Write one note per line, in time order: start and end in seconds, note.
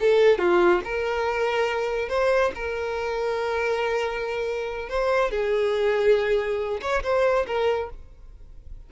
0.00 0.38 A4
0.38 0.81 F4
0.84 2.09 A#4
2.09 2.51 C5
2.55 4.89 A#4
4.89 5.31 C5
5.31 6.81 G#4
6.81 7.03 C#5
7.03 7.46 C5
7.46 7.89 A#4